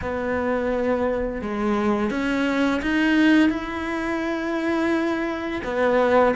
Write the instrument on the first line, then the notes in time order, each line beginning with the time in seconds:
cello
0.01 B3
1.41 G#3
2.10 C#4
2.81 D#4
3.49 E4
5.64 B3